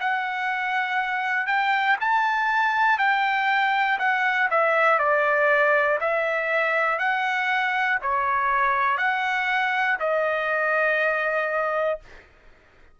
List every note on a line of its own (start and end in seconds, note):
0.00 1.46 F#5
1.46 1.96 G5
2.00 2.98 A5
2.98 3.98 G5
3.99 4.49 F#5
4.50 4.99 E5
4.99 5.99 D5
6.00 6.99 E5
6.99 7.99 F#5
8.02 8.98 C#5
8.98 9.98 F#5
9.99 11.99 D#5